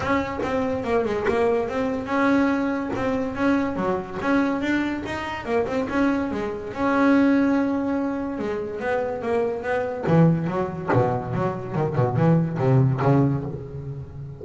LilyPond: \new Staff \with { instrumentName = "double bass" } { \time 4/4 \tempo 4 = 143 cis'4 c'4 ais8 gis8 ais4 | c'4 cis'2 c'4 | cis'4 fis4 cis'4 d'4 | dis'4 ais8 c'8 cis'4 gis4 |
cis'1 | gis4 b4 ais4 b4 | e4 fis4 b,4 fis4 | dis8 b,8 e4 c4 cis4 | }